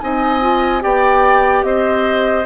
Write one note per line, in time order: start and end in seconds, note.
0.00 0.84 C4
0.00 0.40 D#4
0.00 0.83 D#5
0.00 0.82 G#5
0.40 0.80 F4
0.80 1.63 B3
0.80 2.45 G4
0.80 1.65 D5
0.80 1.64 G5
1.63 2.45 C4
1.63 2.46 C5
1.63 2.46 D#5